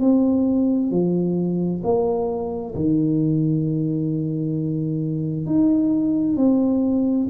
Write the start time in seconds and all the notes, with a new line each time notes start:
0.00 C4
0.90 F3
1.83 A#3
2.74 D#3
5.46 D#4
6.36 C4